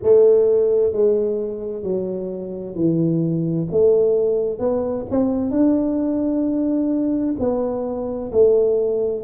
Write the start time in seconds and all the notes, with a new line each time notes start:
0.03 A3
0.92 G#3
1.82 F#3
2.75 E3
3.71 A3
4.59 B3
5.10 C4
5.50 D4
7.38 B3
8.32 A3